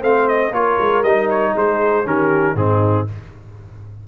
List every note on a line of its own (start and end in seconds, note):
0.00 0.51 A3
0.00 0.52 C4
0.00 0.51 C5
0.00 0.28 F5
0.28 0.53 D#5
0.51 0.76 A#3
0.51 1.04 F4
0.51 1.52 A#4
0.51 1.03 C#5
0.80 1.03 G#3
1.03 1.54 G3
1.03 2.05 D#4
1.03 1.28 D#5
1.30 1.55 C#5
1.54 2.05 G#3
1.54 2.05 G#4
1.54 2.07 C5
2.05 2.54 D#3
2.05 2.55 C#4
2.05 2.56 G4
2.05 2.56 A#4
2.54 3.05 G#2
2.54 3.07 C4
2.54 3.07 D#4
2.54 3.07 G#4